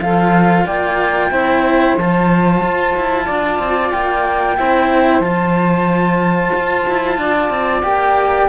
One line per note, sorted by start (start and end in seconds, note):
0.00 0.65 F3
0.00 1.32 F4
0.00 0.65 A4
0.00 0.66 F5
0.65 1.31 A#3
0.65 1.30 D5
0.65 1.97 G5
1.31 1.96 C4
1.31 1.97 E4
1.31 3.25 C5
1.97 2.62 F3
1.97 4.57 F4
1.97 3.91 A5
2.63 2.96 F4
2.96 3.29 E4
3.25 3.59 D4
3.25 4.56 D5
3.59 3.92 C4
3.91 4.58 A#3
3.91 5.21 G5
4.57 5.20 C4
4.57 5.23 E4
4.57 7.19 C5
5.20 6.50 F3
5.20 7.83 F4
5.20 7.82 A5
6.55 6.87 F4
6.88 7.18 E4
7.18 7.50 D4
7.18 8.49 D5
7.50 7.83 C4
7.83 8.48 A#3
7.83 8.49 G4
7.83 8.49 G5